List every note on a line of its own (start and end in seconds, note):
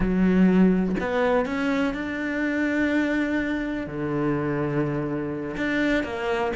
0.00 0.95 F#3
0.99 1.45 B3
1.45 1.94 C#4
1.94 3.86 D4
3.86 5.56 D3
5.56 6.03 D4
6.03 6.52 A#3